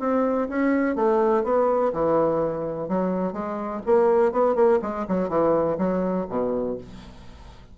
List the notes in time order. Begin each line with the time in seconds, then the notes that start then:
0.00 C4
0.49 C#4
0.96 A3
1.44 B3
1.93 E3
2.89 F#3
3.33 G#3
3.87 A#3
4.32 B3
4.55 A#3
4.82 G#3
5.09 F#3
5.29 E3
5.78 F#3
6.29 B2